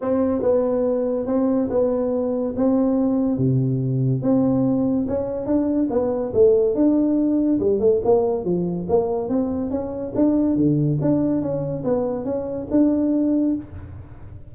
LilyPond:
\new Staff \with { instrumentName = "tuba" } { \time 4/4 \tempo 4 = 142 c'4 b2 c'4 | b2 c'2 | c2 c'2 | cis'4 d'4 b4 a4 |
d'2 g8 a8 ais4 | f4 ais4 c'4 cis'4 | d'4 d4 d'4 cis'4 | b4 cis'4 d'2 | }